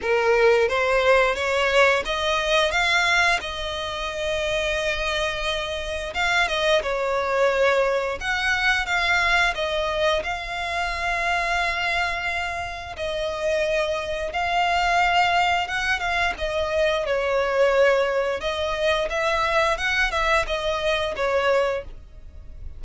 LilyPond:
\new Staff \with { instrumentName = "violin" } { \time 4/4 \tempo 4 = 88 ais'4 c''4 cis''4 dis''4 | f''4 dis''2.~ | dis''4 f''8 dis''8 cis''2 | fis''4 f''4 dis''4 f''4~ |
f''2. dis''4~ | dis''4 f''2 fis''8 f''8 | dis''4 cis''2 dis''4 | e''4 fis''8 e''8 dis''4 cis''4 | }